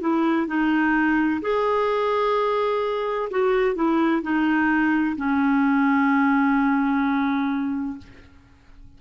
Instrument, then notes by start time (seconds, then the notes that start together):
clarinet
0.00 E4
0.47 D#4
1.41 G#4
3.30 F#4
3.75 E4
4.22 D#4
5.16 C#4